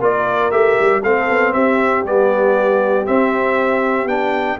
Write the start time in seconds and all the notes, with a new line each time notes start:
0.00 A#3 F4 A#4 D5
0.51 A3 G4 E5
0.80 G3
1.03 A3 C4 A4 F5
1.30 B3
1.53 C4 G4 E5
2.04 G3 B3 D5
3.06 C4 E5
4.05 B3 D4 G5